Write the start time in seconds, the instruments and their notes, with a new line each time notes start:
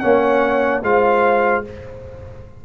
0.00 tuba A#3, trombone C#4, horn C#5, trumpet F#5
0.83 tuba G#3, trombone F4, horn C5, trumpet F5